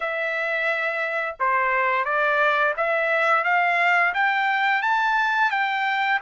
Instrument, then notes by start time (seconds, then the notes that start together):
trumpet
0.00 E5
1.39 C5
2.04 D5
2.76 E5
3.44 F5
4.14 G5
4.82 A5
5.50 G5